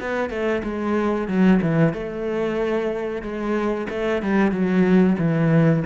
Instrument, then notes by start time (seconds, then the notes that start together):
cello
0.00 B3
0.30 A3
0.63 G#3
1.28 F#3
1.62 E3
1.93 A3
3.22 G#3
3.90 A3
4.22 G3
4.51 F#3
5.18 E3